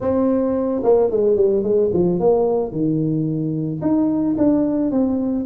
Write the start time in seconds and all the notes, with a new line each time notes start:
0.00 C4
0.83 A#3
1.10 G#3
1.36 G3
1.63 G#3
1.93 F3
2.19 A#3
2.71 D#3
3.81 D#4
4.37 D4
4.91 C4